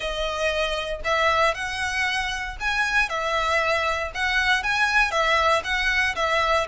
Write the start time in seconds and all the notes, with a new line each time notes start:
0.00 D#5
1.04 E5
1.54 F#5
2.59 G#5
3.09 E5
4.14 F#5
4.63 G#5
5.11 E5
5.64 F#5
6.15 E5